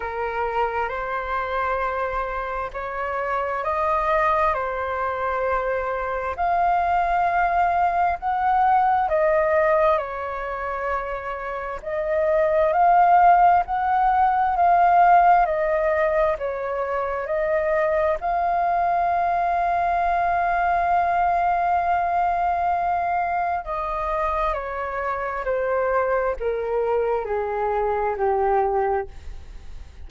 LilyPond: \new Staff \with { instrumentName = "flute" } { \time 4/4 \tempo 4 = 66 ais'4 c''2 cis''4 | dis''4 c''2 f''4~ | f''4 fis''4 dis''4 cis''4~ | cis''4 dis''4 f''4 fis''4 |
f''4 dis''4 cis''4 dis''4 | f''1~ | f''2 dis''4 cis''4 | c''4 ais'4 gis'4 g'4 | }